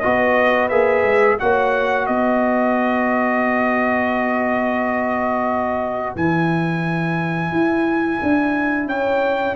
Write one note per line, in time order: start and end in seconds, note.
0.00 0.71 B3
0.00 0.70 F#4
0.00 1.39 B4
0.00 0.68 D#5
0.69 1.03 A#3
0.69 1.38 G#4
0.69 1.37 E5
1.03 1.37 G#3
1.39 2.08 A#3
1.39 6.17 F#4
1.39 2.07 C#5
1.39 2.06 F#5
2.06 6.16 B3
2.06 8.88 B4
2.06 6.15 D#5
6.16 7.51 E3
6.16 9.55 E4
6.16 8.88 G#5
7.51 8.20 E4
8.22 8.86 D4
8.86 9.55 C#4
8.86 9.55 C#5
8.86 9.55 G5